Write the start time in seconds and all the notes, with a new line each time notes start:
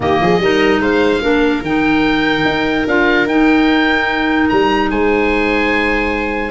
0.00 D#3 A#3 G4 D#5
0.20 F3 G#4
0.39 G3 D#4 A#4
0.80 G#3 C5 F5
1.21 A#3 D4 A#4
1.61 D#3 D#4 G5
2.44 D#4
2.87 D4 F4 F5
3.26 D#4 G5
4.48 G3 A#5
4.90 G#3 C5 G#5